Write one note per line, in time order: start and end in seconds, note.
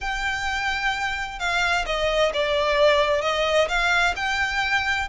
0.00 1.39 G5
1.39 1.85 F5
1.86 2.32 D#5
2.33 3.21 D5
3.21 3.68 D#5
3.68 4.14 F5
4.16 5.08 G5